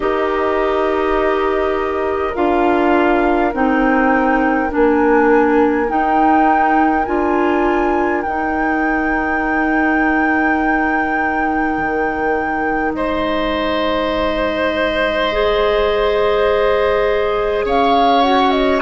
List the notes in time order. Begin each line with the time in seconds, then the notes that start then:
0.00 D#4 G4 A#4 D#5
2.34 D4 F4 F5
3.53 C4 D#4 G5
4.68 D4 G#5
4.75 A#3
5.87 D#4 G5
7.05 D4 F4 G#5
8.21 D#4 G5
11.77 D#3
12.94 G#3 C5 D#5
15.32 G#4
17.64 C#4 C#5 F5
18.21 F#4 F#5
18.50 D#5